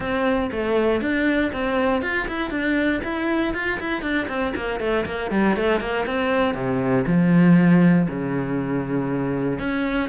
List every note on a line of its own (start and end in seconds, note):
0.00 0.50 C4
0.51 1.01 A3
1.01 1.51 D4
1.52 2.02 C4
2.02 2.27 F4
2.28 2.50 E4
2.50 3.00 D4
3.03 3.54 E4
3.54 3.79 F4
3.79 4.02 E4
4.02 4.27 D4
4.28 4.53 C4
4.55 4.79 A#3
4.79 5.05 A3
5.05 5.30 A#3
5.30 5.56 G3
5.56 5.80 A3
5.80 6.05 A#3
6.06 6.54 C4
6.54 7.05 C3
7.06 8.07 F3
8.09 9.59 C#3
9.59 10.09 C#4